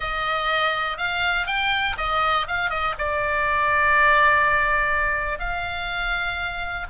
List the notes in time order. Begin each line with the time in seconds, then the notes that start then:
0.00 D#5
0.97 F5
1.46 G5
1.97 D#5
2.47 F5
2.70 D#5
2.98 D5
5.39 F5